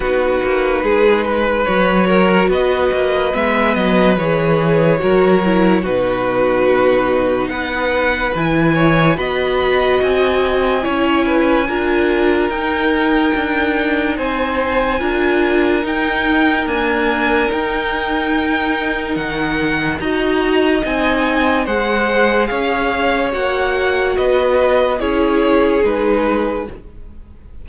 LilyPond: <<
  \new Staff \with { instrumentName = "violin" } { \time 4/4 \tempo 4 = 72 b'2 cis''4 dis''4 | e''8 dis''8 cis''2 b'4~ | b'4 fis''4 gis''4 b''4 | gis''2. g''4~ |
g''4 gis''2 g''4 | gis''4 g''2 fis''4 | ais''4 gis''4 fis''4 f''4 | fis''4 dis''4 cis''4 b'4 | }
  \new Staff \with { instrumentName = "violin" } { \time 4/4 fis'4 gis'8 b'4 ais'8 b'4~ | b'2 ais'4 fis'4~ | fis'4 b'4. cis''8 dis''4~ | dis''4 cis''8 b'8 ais'2~ |
ais'4 c''4 ais'2~ | ais'1 | dis''2 c''4 cis''4~ | cis''4 b'4 gis'2 | }
  \new Staff \with { instrumentName = "viola" } { \time 4/4 dis'2 fis'2 | b4 gis'4 fis'8 e'8 dis'4~ | dis'2 e'4 fis'4~ | fis'4 e'4 f'4 dis'4~ |
dis'2 f'4 dis'4 | ais4 dis'2. | fis'4 dis'4 gis'2 | fis'2 e'4 dis'4 | }
  \new Staff \with { instrumentName = "cello" } { \time 4/4 b8 ais8 gis4 fis4 b8 ais8 | gis8 fis8 e4 fis4 b,4~ | b,4 b4 e4 b4 | c'4 cis'4 d'4 dis'4 |
d'4 c'4 d'4 dis'4 | d'4 dis'2 dis4 | dis'4 c'4 gis4 cis'4 | ais4 b4 cis'4 gis4 | }
>>